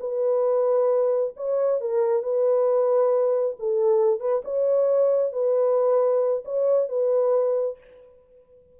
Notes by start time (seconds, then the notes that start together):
0.00 B4
1.36 C#5
1.81 A#4
2.23 B4
3.59 A4
4.20 B4
4.44 C#5
5.32 B4
6.44 C#5
6.88 B4